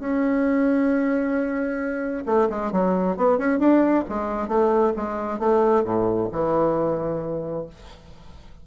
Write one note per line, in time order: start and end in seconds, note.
0.00 2.24 C#4
2.26 2.49 A3
2.50 2.72 G#3
2.73 3.17 F#3
3.17 3.38 B3
3.38 3.59 C#4
3.59 4.04 D4
4.09 4.48 G#3
4.48 4.93 A3
4.97 5.40 G#3
5.40 5.84 A3
5.85 6.29 A2
6.32 7.67 E3